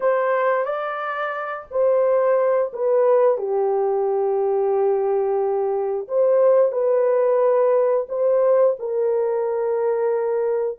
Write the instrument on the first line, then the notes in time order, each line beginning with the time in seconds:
horn
0.00 C5
0.65 D5
1.70 C5
2.73 B4
3.37 G4
6.08 C5
6.72 B4
8.08 C5
8.79 A#4